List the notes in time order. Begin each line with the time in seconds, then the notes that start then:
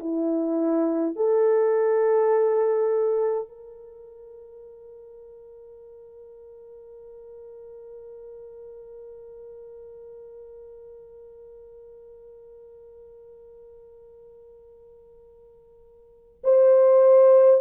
0.00 E4
1.16 A4
3.48 A#4
16.44 C5